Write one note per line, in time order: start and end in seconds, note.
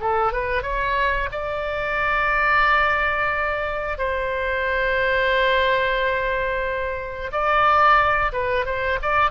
0.00 0.32 A4
0.32 0.62 B4
0.62 1.29 C#5
1.32 3.98 D5
3.98 7.31 C5
7.32 8.32 D5
8.32 8.65 B4
8.65 8.99 C5
9.02 9.31 D5